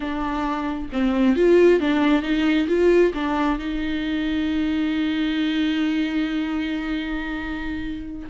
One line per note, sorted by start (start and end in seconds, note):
0.00 0.88 D4
0.92 1.36 C4
1.36 1.80 F4
1.80 2.22 D4
2.22 2.67 D#4
2.67 3.12 F4
3.13 3.58 D4
3.58 8.28 D#4